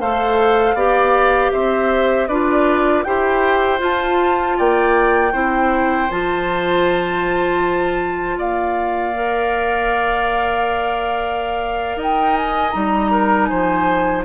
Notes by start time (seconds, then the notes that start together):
0.00 A3 A4 C5 F5
0.75 B3 G4 D5
1.53 C4 C5 E5
2.28 D4 F4 B4 D5
3.04 E4 G4 C5 G5
3.79 F4 A5
4.58 A#3 D5 G5
5.33 C4 E4 C5
6.11 F3 F4 A5
8.38 A#3 D5 F5
9.15 A#4
11.97 D#4 D#5
12.03 G5
12.37 G#5
12.71 G3 D#4 A#5
13.11 A#4
13.46 F3 C5 G#5